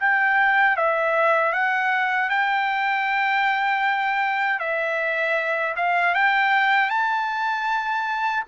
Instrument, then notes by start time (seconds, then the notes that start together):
trumpet
0.00 G5
0.77 E5
1.53 F#5
2.30 G5
4.60 E5
5.77 F5
6.15 G5
6.90 A5